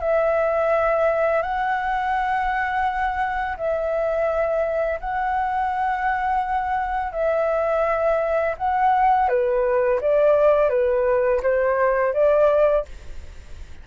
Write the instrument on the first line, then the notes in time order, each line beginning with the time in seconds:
flute
0.00 E5
1.42 F#5
3.57 E5
5.00 F#5
7.12 E5
8.57 F#5
9.29 B4
10.01 D5
10.69 B4
11.43 C5
12.13 D5